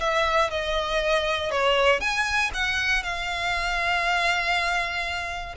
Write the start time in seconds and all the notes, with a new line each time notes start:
0.00 E5
0.50 D#5
1.51 C#5
2.00 G#5
2.54 F#5
3.03 F5